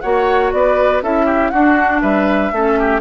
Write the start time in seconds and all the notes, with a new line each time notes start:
0.00 A#3 F#4 C#5 F#5
0.52 B3 B4 D5
1.02 C#4 E4 A4 E5
1.25 G4
1.50 D4 F#4 F#5
2.01 G3 B4 E5
2.51 A3 C#4 A4
2.79 G4